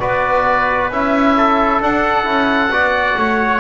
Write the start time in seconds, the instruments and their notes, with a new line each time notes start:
0.00 double bass B3, trombone F#4, trumpet B4, oboe D5
0.90 double bass C#4, trombone E4, oboe E5
1.37 trumpet A4
1.81 trombone D4, double bass D4, oboe F#5
2.24 double bass C#4, trombone E4
2.70 double bass B3, trombone F#4, trumpet D5
3.17 double bass A3, trumpet C#5